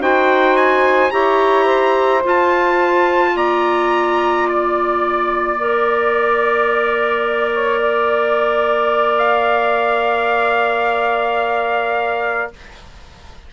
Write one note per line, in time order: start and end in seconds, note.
0.00 1.11 D#4
0.00 1.10 F#4
0.00 1.12 C5
0.00 0.57 G5
0.57 1.11 G#5
1.10 2.24 E4
1.10 2.22 G4
1.10 1.65 C#5
1.10 2.22 A#5
1.65 3.31 C5
2.23 5.56 F4
2.23 3.35 F4
2.23 3.37 A5
3.35 12.52 A#3
3.35 7.52 D5
3.35 4.48 A#5
4.48 9.18 D5
5.59 12.53 A#4
7.53 7.80 C#5
7.80 12.53 D5
9.18 12.51 F5